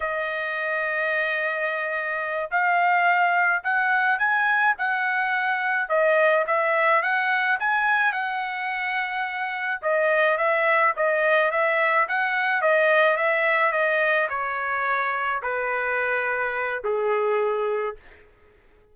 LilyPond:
\new Staff \with { instrumentName = "trumpet" } { \time 4/4 \tempo 4 = 107 dis''1~ | dis''8 f''2 fis''4 gis''8~ | gis''8 fis''2 dis''4 e''8~ | e''8 fis''4 gis''4 fis''4.~ |
fis''4. dis''4 e''4 dis''8~ | dis''8 e''4 fis''4 dis''4 e''8~ | e''8 dis''4 cis''2 b'8~ | b'2 gis'2 | }